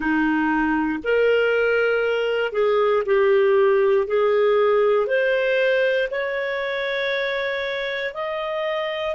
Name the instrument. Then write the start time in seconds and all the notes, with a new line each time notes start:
clarinet
0.00 D#4
1.03 A#4
2.52 G#4
3.05 G4
4.07 G#4
5.06 C5
6.10 C#5
8.14 D#5